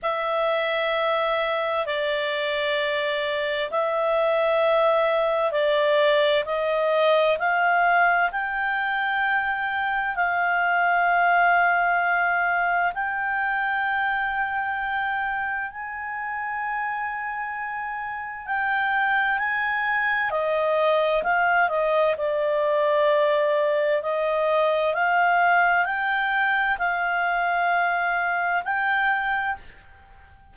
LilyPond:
\new Staff \with { instrumentName = "clarinet" } { \time 4/4 \tempo 4 = 65 e''2 d''2 | e''2 d''4 dis''4 | f''4 g''2 f''4~ | f''2 g''2~ |
g''4 gis''2. | g''4 gis''4 dis''4 f''8 dis''8 | d''2 dis''4 f''4 | g''4 f''2 g''4 | }